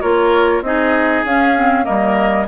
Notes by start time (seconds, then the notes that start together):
0.00 A#3 F4 A#4 C#5
0.61 C4 D#4 G#4 D#5
1.24 C#4 F5
1.56 C4
1.83 G3 A#3 A#4 D#5